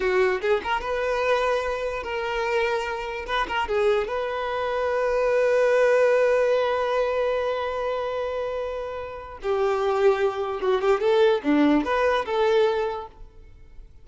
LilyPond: \new Staff \with { instrumentName = "violin" } { \time 4/4 \tempo 4 = 147 fis'4 gis'8 ais'8 b'2~ | b'4 ais'2. | b'8 ais'8 gis'4 b'2~ | b'1~ |
b'1~ | b'2. g'4~ | g'2 fis'8 g'8 a'4 | d'4 b'4 a'2 | }